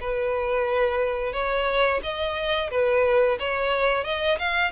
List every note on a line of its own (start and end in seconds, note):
0.00 1.33 B4
1.33 2.00 C#5
2.03 2.70 D#5
2.70 3.38 B4
3.39 4.04 C#5
4.04 4.38 D#5
4.38 4.71 F5